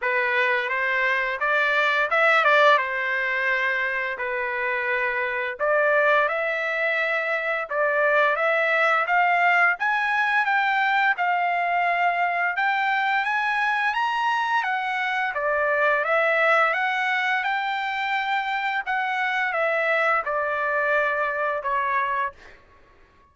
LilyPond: \new Staff \with { instrumentName = "trumpet" } { \time 4/4 \tempo 4 = 86 b'4 c''4 d''4 e''8 d''8 | c''2 b'2 | d''4 e''2 d''4 | e''4 f''4 gis''4 g''4 |
f''2 g''4 gis''4 | ais''4 fis''4 d''4 e''4 | fis''4 g''2 fis''4 | e''4 d''2 cis''4 | }